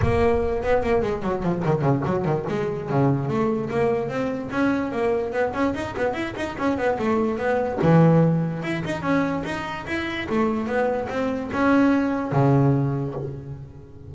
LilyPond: \new Staff \with { instrumentName = "double bass" } { \time 4/4 \tempo 4 = 146 ais4. b8 ais8 gis8 fis8 f8 | dis8 cis8 fis8 dis8 gis4 cis4 | a4 ais4 c'4 cis'4 | ais4 b8 cis'8 dis'8 b8 e'8 dis'8 |
cis'8 b8 a4 b4 e4~ | e4 e'8 dis'8 cis'4 dis'4 | e'4 a4 b4 c'4 | cis'2 cis2 | }